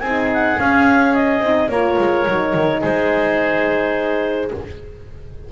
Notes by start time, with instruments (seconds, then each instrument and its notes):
0.00 double bass C4, horn D#4, oboe G#4, clarinet G#5
0.33 clarinet F#5
0.58 horn C#4, double bass C#4, clarinet F5
1.14 clarinet D#5
1.40 double bass C4, horn D#4
1.68 double bass A#3, horn F4, oboe A#4, clarinet C#5
1.98 double bass G#3
2.27 double bass F#3, horn D#4
2.54 double bass D#3
2.80 double bass G#3, oboe G#4, clarinet C5